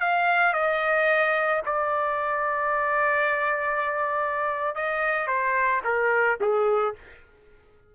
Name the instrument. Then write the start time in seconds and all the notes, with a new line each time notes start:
trumpet
0.00 F5
0.53 D#5
1.66 D5
4.75 D#5
5.27 C5
5.85 A#4
6.41 G#4